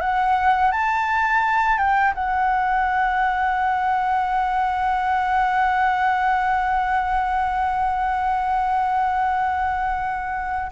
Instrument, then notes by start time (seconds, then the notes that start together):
flute
0.00 F#5
0.71 A5
1.78 G5
2.14 F#5